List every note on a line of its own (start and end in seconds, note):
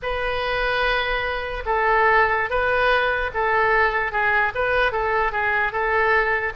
0.02 1.63 B4
1.65 2.50 A4
2.50 3.30 B4
3.33 4.12 A4
4.12 4.52 G#4
4.54 4.92 B4
4.92 5.32 A4
5.32 5.72 G#4
5.72 6.53 A4